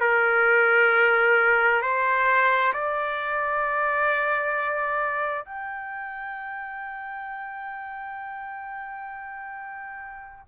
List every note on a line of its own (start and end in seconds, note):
0.00 1.82 A#4
1.82 2.73 C5
2.73 5.45 D5
5.45 10.45 G5